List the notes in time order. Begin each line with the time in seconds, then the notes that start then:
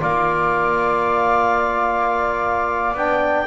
0.00 A#3 F4 D5 F5
2.93 B3 D4 G5